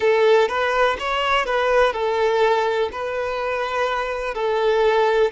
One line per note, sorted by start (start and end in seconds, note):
0.00 0.48 A4
0.48 0.97 B4
0.99 1.45 C#5
1.45 1.93 B4
1.93 2.89 A4
2.92 4.34 B4
4.34 5.30 A4